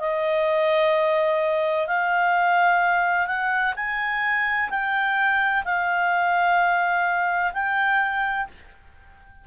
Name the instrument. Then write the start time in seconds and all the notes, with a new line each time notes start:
clarinet
0.00 D#5
1.87 F5
3.27 F#5
3.76 G#5
4.70 G5
5.65 F5
7.53 G5